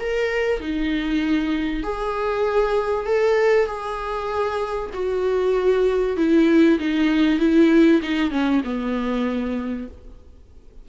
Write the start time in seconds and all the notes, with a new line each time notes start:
0.00 A#4
0.60 D#4
1.83 G#4
3.06 A4
3.66 G#4
4.93 F#4
6.17 E4
6.79 D#4
7.39 E4
8.02 D#4
8.31 C#4
8.64 B3